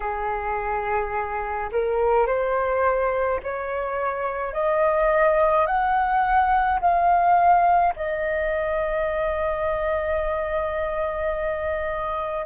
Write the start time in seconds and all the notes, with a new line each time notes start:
0.00 G#4
1.71 A#4
2.26 C5
3.43 C#5
4.53 D#5
5.66 F#5
6.80 F5
7.96 D#5